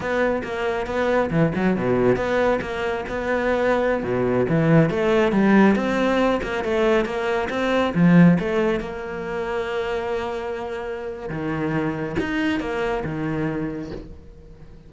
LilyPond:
\new Staff \with { instrumentName = "cello" } { \time 4/4 \tempo 4 = 138 b4 ais4 b4 e8 fis8 | b,4 b4 ais4 b4~ | b4~ b16 b,4 e4 a8.~ | a16 g4 c'4. ais8 a8.~ |
a16 ais4 c'4 f4 a8.~ | a16 ais2.~ ais8.~ | ais2 dis2 | dis'4 ais4 dis2 | }